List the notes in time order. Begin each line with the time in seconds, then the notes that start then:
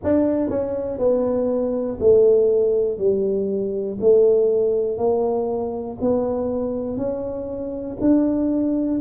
0.03 D4
0.49 C#4
0.98 B3
2.00 A3
2.98 G3
4.00 A3
4.97 A#3
6.00 B3
6.97 C#4
8.00 D4